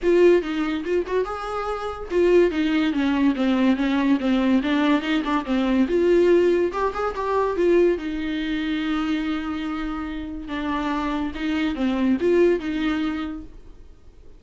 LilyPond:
\new Staff \with { instrumentName = "viola" } { \time 4/4 \tempo 4 = 143 f'4 dis'4 f'8 fis'8 gis'4~ | gis'4 f'4 dis'4 cis'4 | c'4 cis'4 c'4 d'4 | dis'8 d'8 c'4 f'2 |
g'8 gis'8 g'4 f'4 dis'4~ | dis'1~ | dis'4 d'2 dis'4 | c'4 f'4 dis'2 | }